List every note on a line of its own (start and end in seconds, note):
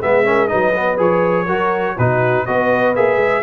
0.00 0.52 G#3
0.00 0.24 B3
0.00 0.24 G#4
0.00 0.47 E5
0.24 0.48 C#4
0.24 0.49 A#4
0.47 0.99 F#3
0.47 0.73 D#4
0.47 1.45 B4
0.47 0.96 D#5
0.74 0.97 B3
0.97 1.47 F3
0.97 1.45 G#4
0.97 1.98 C#5
1.45 1.96 F#3
1.45 1.97 F#4
1.45 1.94 A#4
1.97 2.47 B2
1.97 2.47 D#4
1.97 2.45 F#4
1.97 2.46 B4
2.46 2.96 B3
2.46 2.95 F#4
2.46 3.42 B4
2.46 2.94 D#5
2.95 3.16 A#3
2.95 3.42 G#4
2.95 3.42 E5
3.16 3.41 G#3